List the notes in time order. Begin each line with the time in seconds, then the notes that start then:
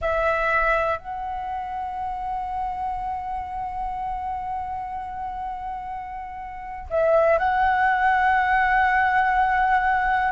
0.00 E5
0.98 F#5
6.89 E5
7.38 F#5